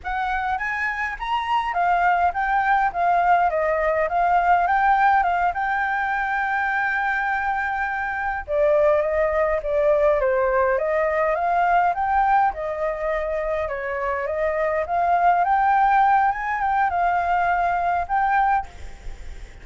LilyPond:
\new Staff \with { instrumentName = "flute" } { \time 4/4 \tempo 4 = 103 fis''4 gis''4 ais''4 f''4 | g''4 f''4 dis''4 f''4 | g''4 f''8 g''2~ g''8~ | g''2~ g''8 d''4 dis''8~ |
dis''8 d''4 c''4 dis''4 f''8~ | f''8 g''4 dis''2 cis''8~ | cis''8 dis''4 f''4 g''4. | gis''8 g''8 f''2 g''4 | }